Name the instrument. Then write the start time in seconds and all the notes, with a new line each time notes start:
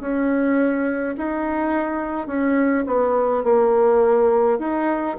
bassoon
0.00 C#4
1.17 D#4
2.27 C#4
2.86 B3
3.43 A#3
4.58 D#4